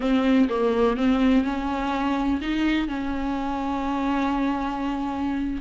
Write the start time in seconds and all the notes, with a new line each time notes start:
0.00 C4
0.49 A#3
0.96 C4
1.44 C#4
2.41 D#4
2.88 C#4